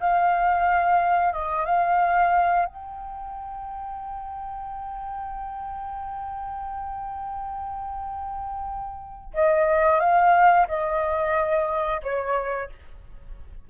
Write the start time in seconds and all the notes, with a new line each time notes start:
0.00 F5
1.33 D#5
1.65 F5
2.65 G5
9.33 D#5
10.00 F5
10.67 D#5
12.03 C#5